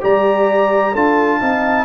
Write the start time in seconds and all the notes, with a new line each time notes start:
0.00 G3 G4 D5 A#5
0.92 D4 F4 A4 A5
1.39 C4 D#4 F5